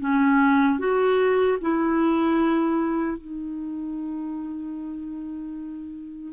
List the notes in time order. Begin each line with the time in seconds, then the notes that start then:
0.00 C#4
0.79 F#4
1.61 E4
3.18 D#4